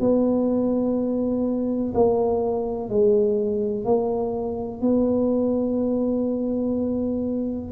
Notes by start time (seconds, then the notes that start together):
0.00 B3
1.94 A#3
2.89 G#3
3.85 A#3
4.81 B3